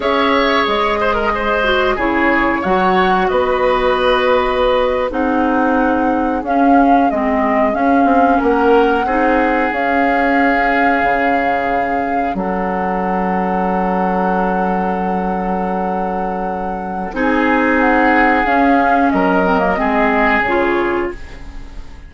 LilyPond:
<<
  \new Staff \with { instrumentName = "flute" } { \time 4/4 \tempo 4 = 91 e''4 dis''2 cis''4 | fis''4 dis''2~ dis''8. fis''16~ | fis''4.~ fis''16 f''4 dis''4 f''16~ | f''8. fis''2 f''4~ f''16~ |
f''2~ f''8. fis''4~ fis''16~ | fis''1~ | fis''2 gis''4 fis''4 | f''4 dis''2 cis''4 | }
  \new Staff \with { instrumentName = "oboe" } { \time 4/4 cis''4. c''16 ais'16 c''4 gis'4 | cis''4 b'2~ b'8. gis'16~ | gis'1~ | gis'8. ais'4 gis'2~ gis'16~ |
gis'2~ gis'8. a'4~ a'16~ | a'1~ | a'2 gis'2~ | gis'4 ais'4 gis'2 | }
  \new Staff \with { instrumentName = "clarinet" } { \time 4/4 gis'2~ gis'8 fis'8 e'4 | fis'2.~ fis'8. dis'16~ | dis'4.~ dis'16 cis'4 c'4 cis'16~ | cis'4.~ cis'16 dis'4 cis'4~ cis'16~ |
cis'1~ | cis'1~ | cis'2 dis'2 | cis'4. c'16 ais16 c'4 f'4 | }
  \new Staff \with { instrumentName = "bassoon" } { \time 4/4 cis'4 gis2 cis4 | fis4 b2~ b8. c'16~ | c'4.~ c'16 cis'4 gis4 cis'16~ | cis'16 c'8 ais4 c'4 cis'4~ cis'16~ |
cis'8. cis2 fis4~ fis16~ | fis1~ | fis2 c'2 | cis'4 fis4 gis4 cis4 | }
>>